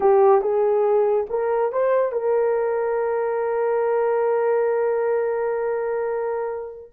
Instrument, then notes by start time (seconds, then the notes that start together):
horn
0.00 G4
0.41 G#4
1.29 A#4
1.72 C5
2.12 A#4